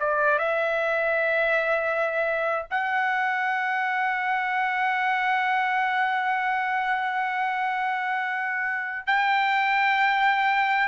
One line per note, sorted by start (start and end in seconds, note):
0.00 0.39 D5
0.39 2.66 E5
2.71 9.07 F#5
9.07 10.88 G5